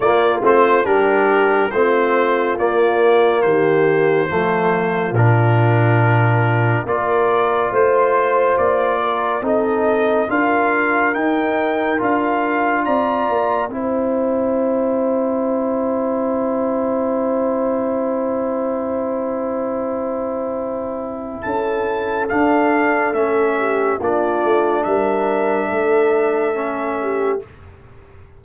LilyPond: <<
  \new Staff \with { instrumentName = "trumpet" } { \time 4/4 \tempo 4 = 70 d''8 c''8 ais'4 c''4 d''4 | c''2 ais'2 | d''4 c''4 d''4 dis''4 | f''4 g''4 f''4 ais''4 |
g''1~ | g''1~ | g''4 a''4 f''4 e''4 | d''4 e''2. | }
  \new Staff \with { instrumentName = "horn" } { \time 4/4 f'4 g'4 f'2 | g'4 f'2. | ais'4 c''4. ais'8 a'4 | ais'2. d''4 |
c''1~ | c''1~ | c''4 a'2~ a'8 g'8 | f'4 ais'4 a'4. g'8 | }
  \new Staff \with { instrumentName = "trombone" } { \time 4/4 ais8 c'8 d'4 c'4 ais4~ | ais4 a4 d'2 | f'2. dis'4 | f'4 dis'4 f'2 |
e'1~ | e'1~ | e'2 d'4 cis'4 | d'2. cis'4 | }
  \new Staff \with { instrumentName = "tuba" } { \time 4/4 ais8 a8 g4 a4 ais4 | dis4 f4 ais,2 | ais4 a4 ais4 c'4 | d'4 dis'4 d'4 c'8 ais8 |
c'1~ | c'1~ | c'4 cis'4 d'4 a4 | ais8 a8 g4 a2 | }
>>